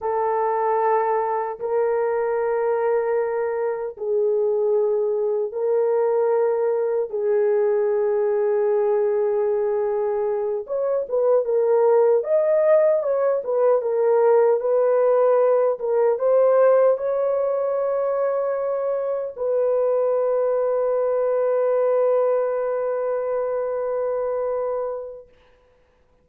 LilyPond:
\new Staff \with { instrumentName = "horn" } { \time 4/4 \tempo 4 = 76 a'2 ais'2~ | ais'4 gis'2 ais'4~ | ais'4 gis'2.~ | gis'4. cis''8 b'8 ais'4 dis''8~ |
dis''8 cis''8 b'8 ais'4 b'4. | ais'8 c''4 cis''2~ cis''8~ | cis''8 b'2.~ b'8~ | b'1 | }